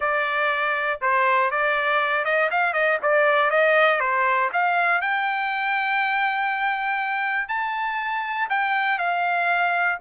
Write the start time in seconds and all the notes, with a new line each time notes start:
0.00 D5
1.01 C5
1.50 D5
2.24 D#5
2.50 F5
2.73 D#5
3.02 D5
3.50 D#5
4.00 C5
4.52 F5
5.01 G5
7.48 A5
8.49 G5
8.98 F5